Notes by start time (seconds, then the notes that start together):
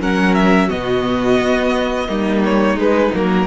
0.00 F#3 C#4 A#4 F#5
0.34 E5
0.68 B2 B3 F#4 D#5
1.39 B3
2.08 G3 A#3 D#4
2.44 C#5
2.75 G#3 B4
3.14 F#3 A#3 A#4